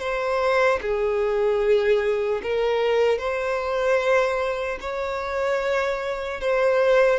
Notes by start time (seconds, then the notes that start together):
0.00 C5
0.82 G#4
2.43 A#4
3.19 C5
4.81 C#5
6.41 C5